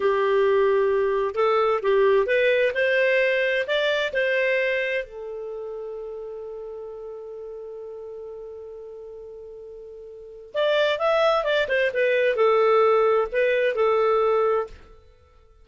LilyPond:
\new Staff \with { instrumentName = "clarinet" } { \time 4/4 \tempo 4 = 131 g'2. a'4 | g'4 b'4 c''2 | d''4 c''2 a'4~ | a'1~ |
a'1~ | a'2. d''4 | e''4 d''8 c''8 b'4 a'4~ | a'4 b'4 a'2 | }